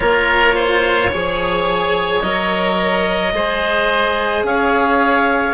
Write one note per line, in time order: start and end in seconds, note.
0.00 1.12 A#3
0.00 1.11 F4
0.00 0.55 A#4
0.00 2.21 C#5
0.55 1.10 C5
1.11 2.22 F3
1.11 2.22 G#4
1.11 3.33 C#5
2.21 3.32 F#3
2.21 3.34 A#4
2.21 4.43 D#5
3.32 4.43 G#3
3.32 5.54 G#4
3.32 4.46 C5
4.43 5.54 C#4
4.43 5.54 C#5
4.43 5.54 F5